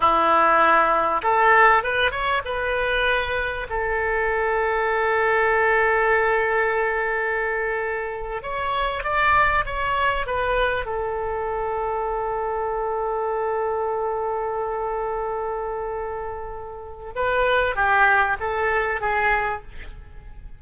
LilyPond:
\new Staff \with { instrumentName = "oboe" } { \time 4/4 \tempo 4 = 98 e'2 a'4 b'8 cis''8 | b'2 a'2~ | a'1~ | a'4.~ a'16 cis''4 d''4 cis''16~ |
cis''8. b'4 a'2~ a'16~ | a'1~ | a'1 | b'4 g'4 a'4 gis'4 | }